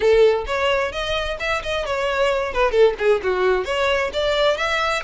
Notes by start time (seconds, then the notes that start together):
0.00 A4
0.46 C#5
0.92 D#5
1.39 E5
1.63 D#5
1.85 C#5
2.53 B4
2.71 A4
2.98 G#4
3.23 F#4
3.65 C#5
4.13 D5
4.57 E5